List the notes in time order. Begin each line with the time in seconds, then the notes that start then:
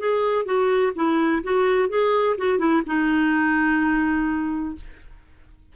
0.00 G#4
0.46 F#4
0.96 E4
1.44 F#4
1.89 G#4
2.38 F#4
2.59 E4
2.87 D#4